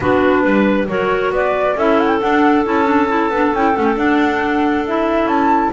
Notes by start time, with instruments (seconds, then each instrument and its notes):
0.00 double bass B3, clarinet D4 F#4, flute B4
0.43 double bass G3, clarinet B4
0.88 double bass F#3, clarinet F#4 A#4, flute C#5
1.30 double bass B3, clarinet B4, flute D5
1.76 double bass C#4, clarinet E4 A4, flute E5
1.99 flute F#5
2.08 flute G5
2.20 clarinet D4, double bass D4, flute F#5
2.65 double bass C#4, clarinet E4, flute A5
2.85 clarinet D4
3.08 clarinet E4
3.30 double bass B3, clarinet D4
3.52 double bass C#4, clarinet E4, flute G5
3.73 double bass A3, clarinet C#4, flute F#5
3.84 flute G5
3.96 clarinet D4, double bass D4, flute F#5
4.87 clarinet E4, flute E5
5.25 double bass C#4, flute A5